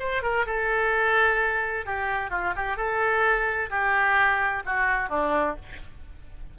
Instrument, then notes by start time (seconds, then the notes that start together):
oboe
0.00 C5
0.23 A#4
0.46 A4
1.86 G4
2.31 F4
2.56 G4
2.77 A4
3.70 G4
4.66 F#4
5.09 D4